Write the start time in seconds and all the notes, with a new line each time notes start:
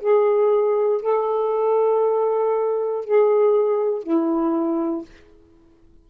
0.00 G#4
1.02 A4
3.05 G#4
4.03 E4